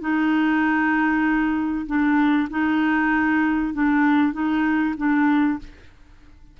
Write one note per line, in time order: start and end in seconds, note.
0.00 1.86 D#4
1.86 2.48 D4
2.50 3.73 D#4
3.73 4.33 D4
4.33 4.95 D#4
4.97 5.59 D4